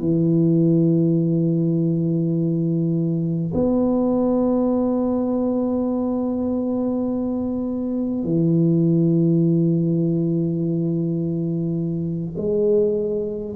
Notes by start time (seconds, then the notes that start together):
0.00 E3
3.55 B3
8.25 E3
12.38 G#3